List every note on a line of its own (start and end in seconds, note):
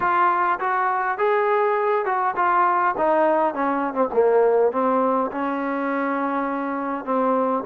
0.00 0.59 F4
0.59 1.18 F#4
1.18 2.05 G#4
2.05 2.34 F#4
2.36 2.94 F4
2.97 3.54 D#4
3.54 3.93 C#4
3.93 4.08 C4
4.13 4.72 A#3
4.72 5.30 C4
5.31 7.04 C#4
7.04 7.63 C4